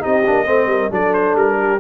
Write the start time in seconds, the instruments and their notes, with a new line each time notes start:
0.00 tuba C4, trombone D#4, horn G4, trumpet D#5
0.25 tuba A#3, trombone D4
0.46 tuba A3, trombone C4, horn C5
0.66 tuba G3, horn A#4
0.90 tuba F#3, trombone D4, horn A4, trumpet D5
1.13 trumpet C5
1.35 tuba G3, trumpet A#4
1.59 horn G4